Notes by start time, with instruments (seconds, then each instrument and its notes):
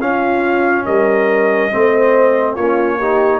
0.00 tuba C#4, trombone C#4, horn F4, trumpet F5
0.86 tuba G3, horn A#4, trumpet D#5
1.72 tuba A3, trombone C4, horn C5
2.55 tuba A#3, trombone C#4, horn F4, trumpet C#5
2.99 trombone D#4, horn G4